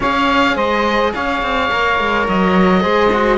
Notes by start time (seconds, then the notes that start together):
0.00 C#4 G#4 C#5 F5
0.55 G#3 C5 D#5
1.14 C#4 C#5 F5
1.42 C4
1.71 A#3 A#4
1.99 G#3
2.28 F#3 D#5
2.80 G#3 G#4 C5
3.12 F#4